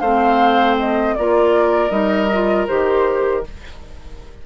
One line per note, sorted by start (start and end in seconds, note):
0.00 1.15 A3
0.00 1.19 C4
0.00 1.15 C5
0.00 0.76 F5
0.79 1.16 D#5
1.16 1.91 A#3
1.16 1.90 F4
1.16 3.46 A#4
1.16 1.91 D5
1.90 2.67 G3
1.90 2.28 D#4
1.90 2.67 D#5
2.34 2.68 F4
2.68 3.46 D#3
2.68 3.44 G4
2.68 3.44 C5